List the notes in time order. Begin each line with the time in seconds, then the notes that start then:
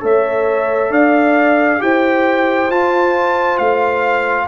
0.00 A3 A4 C#5 E5
0.90 D4 D5 F5
1.79 E4 G4 C5 G5
2.70 F4 A5
3.58 A3 F5